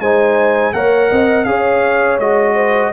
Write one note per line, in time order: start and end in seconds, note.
0.00 0.73 G#3
0.00 0.74 D#4
0.00 0.74 C5
0.00 0.73 G#5
0.73 1.10 A#3
0.73 1.46 A#4
0.73 1.11 C#5
0.73 1.45 F#5
1.11 1.46 C4
1.11 1.47 D#5
1.45 2.19 C#4
1.45 2.20 G#4
1.45 2.55 C#5
1.45 2.18 F5
2.19 2.92 G#3
2.19 2.93 F#4
2.19 2.93 D#5
2.55 2.91 C5